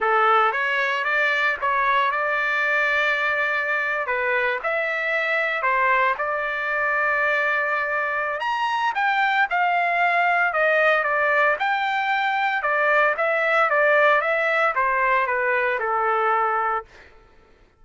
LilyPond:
\new Staff \with { instrumentName = "trumpet" } { \time 4/4 \tempo 4 = 114 a'4 cis''4 d''4 cis''4 | d''2.~ d''8. b'16~ | b'8. e''2 c''4 d''16~ | d''1 |
ais''4 g''4 f''2 | dis''4 d''4 g''2 | d''4 e''4 d''4 e''4 | c''4 b'4 a'2 | }